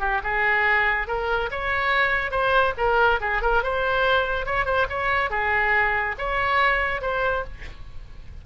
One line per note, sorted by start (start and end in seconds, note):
0.00 0.21 G4
0.23 1.07 G#4
1.07 1.50 A#4
1.51 2.31 C#5
2.31 2.74 C5
2.77 3.20 A#4
3.21 3.42 G#4
3.42 3.63 A#4
3.63 4.46 C5
4.46 4.65 C#5
4.65 4.87 C5
4.90 5.30 C#5
5.30 6.15 G#4
6.18 7.01 C#5
7.01 7.44 C5